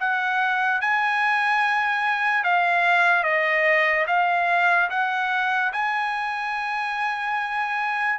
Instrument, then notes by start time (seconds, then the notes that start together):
trumpet
0.00 F#5
0.81 G#5
2.44 F5
3.24 D#5
4.07 F5
4.90 F#5
5.73 G#5